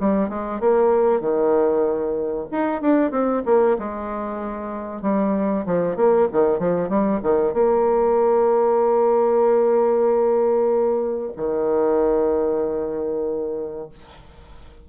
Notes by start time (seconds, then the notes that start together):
0.00 G3
0.29 G#3
0.60 A#3
1.21 D#3
2.51 D#4
2.81 D4
3.11 C4
3.45 A#3
3.78 G#3
5.02 G3
5.66 F3
5.96 A#3
6.32 D#3
6.59 F3
6.89 G3
7.23 D#3
7.53 A#3
11.36 D#3